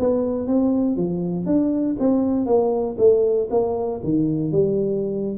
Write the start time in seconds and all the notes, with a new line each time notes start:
0.00 B3
0.47 C4
0.97 F3
1.46 D4
2.00 C4
2.46 A#3
2.98 A3
3.51 A#3
4.04 D#3
4.52 G3